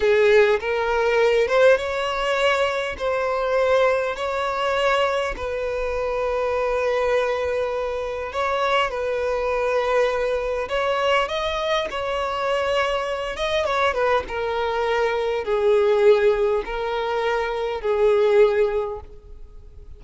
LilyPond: \new Staff \with { instrumentName = "violin" } { \time 4/4 \tempo 4 = 101 gis'4 ais'4. c''8 cis''4~ | cis''4 c''2 cis''4~ | cis''4 b'2.~ | b'2 cis''4 b'4~ |
b'2 cis''4 dis''4 | cis''2~ cis''8 dis''8 cis''8 b'8 | ais'2 gis'2 | ais'2 gis'2 | }